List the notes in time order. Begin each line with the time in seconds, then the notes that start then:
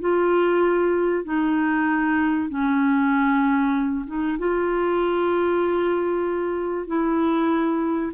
0.00 F4
1.24 D#4
2.49 C#4
4.07 D#4
4.38 F4
6.87 E4